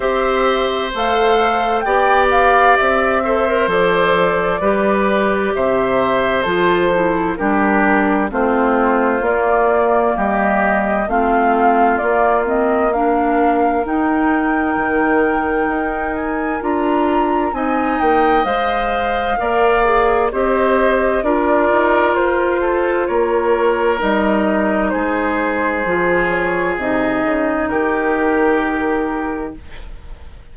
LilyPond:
<<
  \new Staff \with { instrumentName = "flute" } { \time 4/4 \tempo 4 = 65 e''4 f''4 g''8 f''8 e''4 | d''2 e''4 a'4 | ais'4 c''4 d''4 dis''4 | f''4 d''8 dis''8 f''4 g''4~ |
g''4. gis''8 ais''4 gis''8 g''8 | f''2 dis''4 d''4 | c''4 cis''4 dis''4 c''4~ | c''8 cis''8 dis''4 ais'2 | }
  \new Staff \with { instrumentName = "oboe" } { \time 4/4 c''2 d''4. c''8~ | c''4 b'4 c''2 | g'4 f'2 g'4 | f'2 ais'2~ |
ais'2. dis''4~ | dis''4 d''4 c''4 ais'4~ | ais'8 a'8 ais'2 gis'4~ | gis'2 g'2 | }
  \new Staff \with { instrumentName = "clarinet" } { \time 4/4 g'4 a'4 g'4. a'16 ais'16 | a'4 g'2 f'8 e'8 | d'4 c'4 ais2 | c'4 ais8 c'8 d'4 dis'4~ |
dis'2 f'4 dis'4 | c''4 ais'8 gis'8 g'4 f'4~ | f'2 dis'2 | f'4 dis'2. | }
  \new Staff \with { instrumentName = "bassoon" } { \time 4/4 c'4 a4 b4 c'4 | f4 g4 c4 f4 | g4 a4 ais4 g4 | a4 ais2 dis'4 |
dis4 dis'4 d'4 c'8 ais8 | gis4 ais4 c'4 d'8 dis'8 | f'4 ais4 g4 gis4 | f4 c8 cis8 dis2 | }
>>